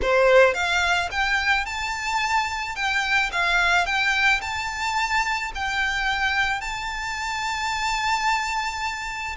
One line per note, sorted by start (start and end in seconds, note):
0.02 0.54 C5
0.54 1.09 F5
1.11 1.65 G5
1.65 2.75 A5
2.75 3.30 G5
3.32 3.85 F5
3.85 4.40 G5
4.41 5.51 A5
5.54 6.60 G5
6.60 9.36 A5